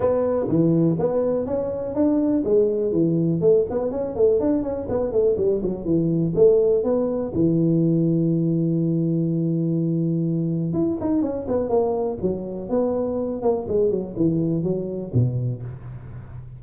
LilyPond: \new Staff \with { instrumentName = "tuba" } { \time 4/4 \tempo 4 = 123 b4 e4 b4 cis'4 | d'4 gis4 e4 a8 b8 | cis'8 a8 d'8 cis'8 b8 a8 g8 fis8 | e4 a4 b4 e4~ |
e1~ | e2 e'8 dis'8 cis'8 b8 | ais4 fis4 b4. ais8 | gis8 fis8 e4 fis4 b,4 | }